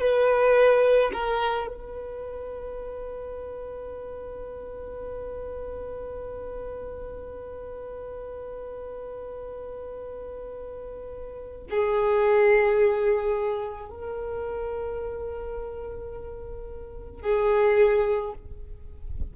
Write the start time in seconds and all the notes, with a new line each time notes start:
0.00 B4
1.13 A#4
1.67 B4
11.70 G#4
13.90 A#4
17.22 G#4